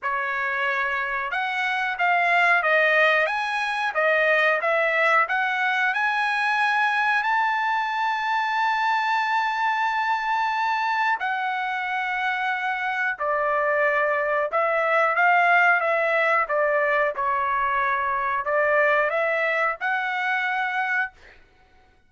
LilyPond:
\new Staff \with { instrumentName = "trumpet" } { \time 4/4 \tempo 4 = 91 cis''2 fis''4 f''4 | dis''4 gis''4 dis''4 e''4 | fis''4 gis''2 a''4~ | a''1~ |
a''4 fis''2. | d''2 e''4 f''4 | e''4 d''4 cis''2 | d''4 e''4 fis''2 | }